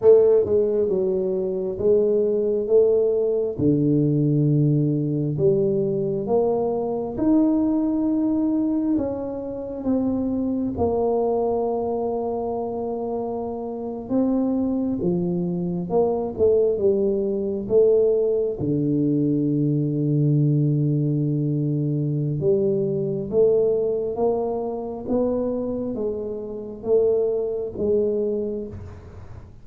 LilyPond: \new Staff \with { instrumentName = "tuba" } { \time 4/4 \tempo 4 = 67 a8 gis8 fis4 gis4 a4 | d2 g4 ais4 | dis'2 cis'4 c'4 | ais2.~ ais8. c'16~ |
c'8. f4 ais8 a8 g4 a16~ | a8. d2.~ d16~ | d4 g4 a4 ais4 | b4 gis4 a4 gis4 | }